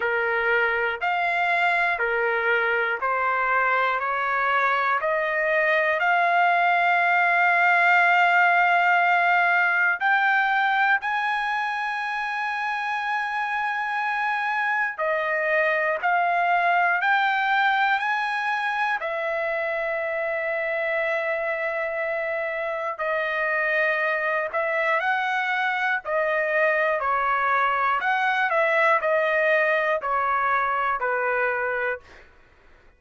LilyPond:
\new Staff \with { instrumentName = "trumpet" } { \time 4/4 \tempo 4 = 60 ais'4 f''4 ais'4 c''4 | cis''4 dis''4 f''2~ | f''2 g''4 gis''4~ | gis''2. dis''4 |
f''4 g''4 gis''4 e''4~ | e''2. dis''4~ | dis''8 e''8 fis''4 dis''4 cis''4 | fis''8 e''8 dis''4 cis''4 b'4 | }